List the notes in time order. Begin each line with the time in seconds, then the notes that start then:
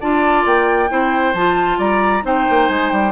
0.00 D4 F4 D5 A5
0.45 A#3 G5
0.89 C4 E4 C5
1.33 F3 F4 A5
1.78 G3 D5 A#5
2.22 C4 D#4 C5 G5
2.49 A#3
2.68 G#3 G#5
2.90 G3 G5